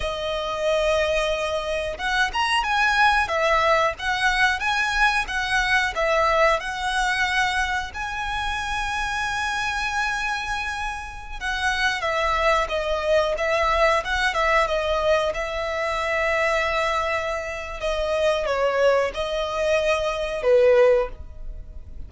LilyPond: \new Staff \with { instrumentName = "violin" } { \time 4/4 \tempo 4 = 91 dis''2. fis''8 ais''8 | gis''4 e''4 fis''4 gis''4 | fis''4 e''4 fis''2 | gis''1~ |
gis''4~ gis''16 fis''4 e''4 dis''8.~ | dis''16 e''4 fis''8 e''8 dis''4 e''8.~ | e''2. dis''4 | cis''4 dis''2 b'4 | }